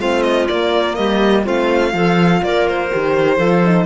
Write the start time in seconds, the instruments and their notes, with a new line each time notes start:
0.00 cello A3, horn C4, clarinet F4, violin F5
0.23 violin D#5
0.48 horn A#3, cello A#3, violin D5
0.95 cello G3, clarinet G4, violin D#5
1.44 cello A3, horn C4, clarinet F4, violin F5
1.92 cello F3, horn F4, clarinet A4
2.43 cello A#3, clarinet A#4, violin D5
2.68 violin C5
2.92 cello D#3, horn G4
3.37 cello F3, horn F4, clarinet A4
3.65 horn D#4